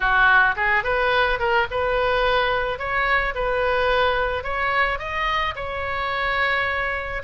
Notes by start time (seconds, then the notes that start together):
0.00 F#4
0.56 G#4
0.83 B4
1.39 A#4
1.70 B4
2.78 C#5
3.34 B4
4.43 C#5
4.98 D#5
5.55 C#5